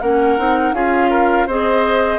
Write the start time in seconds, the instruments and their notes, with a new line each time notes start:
0.00 bassoon A#3, clarinet C#4, oboe A#4, flute F#5
0.38 bassoon C4, clarinet D#4
0.73 bassoon C#4, clarinet F4, oboe G#4, flute F5
1.10 oboe A#4
1.47 bassoon C4, clarinet G#4, oboe C5, flute D#5